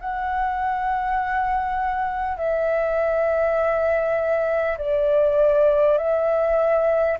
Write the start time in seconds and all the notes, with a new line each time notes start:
0.00 F#5
2.37 E5
4.78 D5
5.98 E5